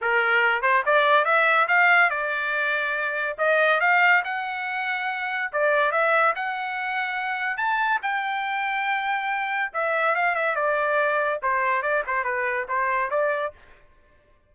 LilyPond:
\new Staff \with { instrumentName = "trumpet" } { \time 4/4 \tempo 4 = 142 ais'4. c''8 d''4 e''4 | f''4 d''2. | dis''4 f''4 fis''2~ | fis''4 d''4 e''4 fis''4~ |
fis''2 a''4 g''4~ | g''2. e''4 | f''8 e''8 d''2 c''4 | d''8 c''8 b'4 c''4 d''4 | }